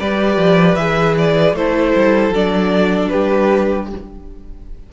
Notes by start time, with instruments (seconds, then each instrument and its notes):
0.00 cello G3, viola G4, violin B4 D5
0.37 cello F3
0.76 cello E3, viola G#4, violin E5
1.18 violin D5
1.54 cello A3, viola E4, violin A4 C5
1.96 cello G3
2.30 cello F#3, viola D4, violin D5
3.09 violin G4 B4
3.15 cello G3